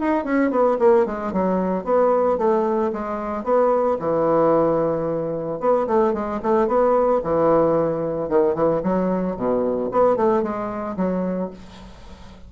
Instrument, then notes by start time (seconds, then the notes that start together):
bassoon
0.00 D#4
0.24 C#4
0.51 B3
0.79 A#3
1.06 G#3
1.33 F#3
1.84 B3
2.38 A3
2.93 G#3
3.44 B3
4.00 E3
5.60 B3
5.87 A3
6.13 G#3
6.43 A3
6.68 B3
7.24 E3
8.29 D#3
8.55 E3
8.83 F#3
9.36 B2
9.91 B3
10.16 A3
10.43 G#3
10.97 F#3